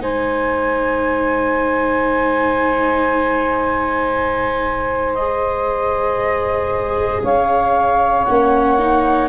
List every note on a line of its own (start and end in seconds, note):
0.00 7.23 G#3
0.00 5.17 D#4
0.00 7.23 C5
0.00 5.15 G#5
5.15 8.28 G#4
5.15 7.22 D#5
7.23 8.27 C#4
7.23 9.30 C#5
7.23 8.25 F5
8.25 9.30 A#3
8.25 8.79 C#4
8.25 9.28 F#5
8.79 9.30 D#4